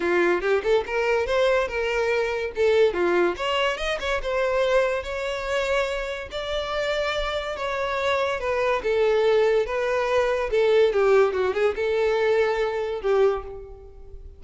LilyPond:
\new Staff \with { instrumentName = "violin" } { \time 4/4 \tempo 4 = 143 f'4 g'8 a'8 ais'4 c''4 | ais'2 a'4 f'4 | cis''4 dis''8 cis''8 c''2 | cis''2. d''4~ |
d''2 cis''2 | b'4 a'2 b'4~ | b'4 a'4 g'4 fis'8 gis'8 | a'2. g'4 | }